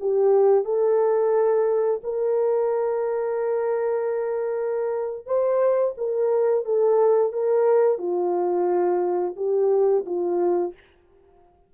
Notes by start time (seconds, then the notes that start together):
0.00 G4
0.64 A4
2.03 A#4
5.26 C5
5.97 A#4
6.64 A4
7.32 A#4
7.98 F4
9.36 G4
10.05 F4